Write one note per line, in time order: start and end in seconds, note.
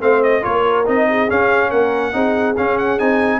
0.00 0.44 A3
0.00 0.42 C4
0.00 0.43 C5
0.00 0.23 F5
0.23 0.44 D#5
0.42 0.88 A#3
0.42 0.84 F4
0.42 1.08 A#4
0.42 0.86 C#5
0.86 1.30 C4
0.86 1.28 D#4
0.86 1.30 D#5
1.09 1.70 G#4
1.28 2.12 C#4
1.28 1.72 C#4
1.28 1.71 F5
1.70 2.14 A#3
1.70 2.12 A#4
1.70 2.56 F#5
2.12 2.56 C4
2.12 2.55 D#4
2.12 3.39 G#4
2.57 2.99 C#4
2.57 2.78 F5
2.78 2.99 F#5
2.99 3.39 C4
2.99 3.39 D#4
2.99 3.39 G#5